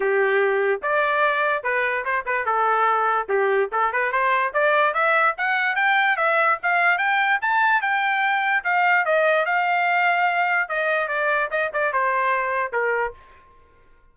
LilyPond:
\new Staff \with { instrumentName = "trumpet" } { \time 4/4 \tempo 4 = 146 g'2 d''2 | b'4 c''8 b'8 a'2 | g'4 a'8 b'8 c''4 d''4 | e''4 fis''4 g''4 e''4 |
f''4 g''4 a''4 g''4~ | g''4 f''4 dis''4 f''4~ | f''2 dis''4 d''4 | dis''8 d''8 c''2 ais'4 | }